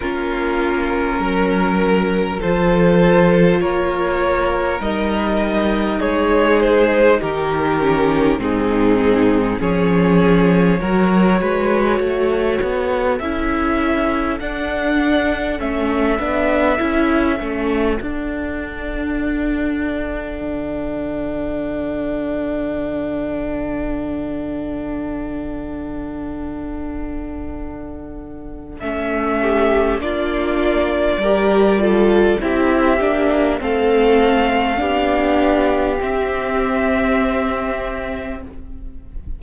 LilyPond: <<
  \new Staff \with { instrumentName = "violin" } { \time 4/4 \tempo 4 = 50 ais'2 c''4 cis''4 | dis''4 cis''8 c''8 ais'4 gis'4 | cis''2. e''4 | fis''4 e''2 fis''4~ |
fis''1~ | fis''1 | e''4 d''2 e''4 | f''2 e''2 | }
  \new Staff \with { instrumentName = "violin" } { \time 4/4 f'4 ais'4 a'4 ais'4~ | ais'4 gis'4 g'4 dis'4 | gis'4 ais'8 b'8 a'2~ | a'1~ |
a'1~ | a'1~ | a'8 g'8 f'4 ais'8 a'8 g'4 | a'4 g'2. | }
  \new Staff \with { instrumentName = "viola" } { \time 4/4 cis'2 f'2 | dis'2~ dis'8 cis'8 c'4 | cis'4 fis'2 e'4 | d'4 cis'8 d'8 e'8 cis'8 d'4~ |
d'1~ | d'1 | cis'4 d'4 g'8 f'8 e'8 d'8 | c'4 d'4 c'2 | }
  \new Staff \with { instrumentName = "cello" } { \time 4/4 ais4 fis4 f4 ais4 | g4 gis4 dis4 gis,4 | f4 fis8 gis8 a8 b8 cis'4 | d'4 a8 b8 cis'8 a8 d'4~ |
d'4 d2.~ | d1 | a4 ais4 g4 c'8 ais8 | a4 b4 c'2 | }
>>